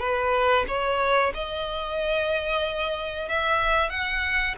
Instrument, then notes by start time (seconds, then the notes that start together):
violin
0.00 B4
0.68 C#5
1.34 D#5
3.28 E5
3.90 F#5